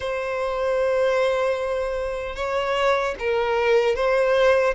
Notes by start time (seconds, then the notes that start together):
0.00 C5
2.35 C#5
3.19 A#4
3.95 C5